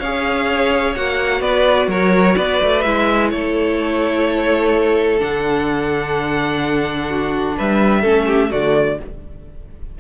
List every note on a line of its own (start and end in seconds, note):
0.00 0.96 C#4
0.00 0.96 G#4
0.00 1.41 C#5
0.00 0.95 F5
0.96 1.41 A#3
0.96 2.85 F#4
0.96 1.42 F#5
1.41 1.88 B3
1.41 1.88 B4
1.41 1.89 D5
1.88 2.36 F#3
1.88 2.36 A#4
1.88 2.37 C#5
2.37 2.62 B3
2.37 3.31 B4
2.37 2.82 D5
2.63 2.86 A3
2.82 3.33 G#3
2.82 5.20 E4
2.82 3.29 E5
3.31 5.22 A3
3.31 7.10 A4
3.31 5.20 C#5
5.20 7.58 D3
5.20 8.03 D4
5.20 7.58 F#5
7.10 7.57 F#4
7.57 8.04 G3
7.57 8.02 B4
7.57 8.52 E5
8.02 8.51 A3
8.02 8.51 C#4
8.02 8.25 A4
8.27 8.50 G4
8.51 9.00 D3
8.51 9.00 A3
8.51 8.98 F#4
8.51 8.99 D5